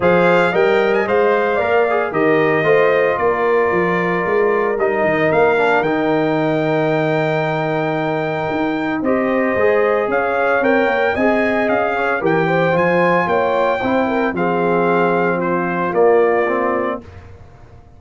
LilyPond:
<<
  \new Staff \with { instrumentName = "trumpet" } { \time 4/4 \tempo 4 = 113 f''4 g''8. gis''16 f''2 | dis''2 d''2~ | d''4 dis''4 f''4 g''4~ | g''1~ |
g''4 dis''2 f''4 | g''4 gis''4 f''4 g''4 | gis''4 g''2 f''4~ | f''4 c''4 d''2 | }
  \new Staff \with { instrumentName = "horn" } { \time 4/4 c''4 dis''2 d''4 | ais'4 c''4 ais'2~ | ais'1~ | ais'1~ |
ais'4 c''2 cis''4~ | cis''4 dis''4. cis''8 ais'8 c''8~ | c''4 cis''4 c''8 ais'8 gis'4~ | gis'4 f'2. | }
  \new Staff \with { instrumentName = "trombone" } { \time 4/4 gis'4 ais'4 c''4 ais'8 gis'8 | g'4 f'2.~ | f'4 dis'4. d'8 dis'4~ | dis'1~ |
dis'4 g'4 gis'2 | ais'4 gis'2 g'4 | f'2 e'4 c'4~ | c'2 ais4 c'4 | }
  \new Staff \with { instrumentName = "tuba" } { \time 4/4 f4 g4 gis4 ais4 | dis4 a4 ais4 f4 | gis4 g8 dis8 ais4 dis4~ | dis1 |
dis'4 c'4 gis4 cis'4 | c'8 ais8 c'4 cis'4 e4 | f4 ais4 c'4 f4~ | f2 ais2 | }
>>